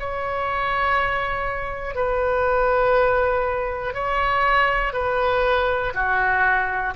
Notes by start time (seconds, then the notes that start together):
0.00 C#5
1.95 B4
3.94 C#5
4.93 B4
5.95 F#4